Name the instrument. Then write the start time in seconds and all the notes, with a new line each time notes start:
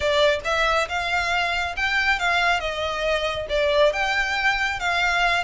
violin
0.00 D5
0.44 E5
0.88 F5
1.76 G5
2.19 F5
2.59 D#5
3.49 D5
3.92 G5
4.79 F5